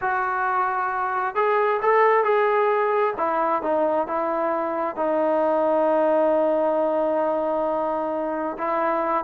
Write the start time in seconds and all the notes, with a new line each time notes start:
0.01 F#4
1.35 G#4
1.82 A4
2.23 G#4
3.17 E4
3.62 D#4
4.07 E4
4.96 D#4
8.57 E4